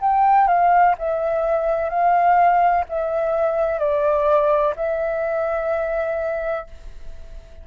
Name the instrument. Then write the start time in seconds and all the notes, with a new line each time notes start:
flute
0.00 G5
0.47 F5
0.98 E5
1.89 F5
2.89 E5
3.79 D5
4.76 E5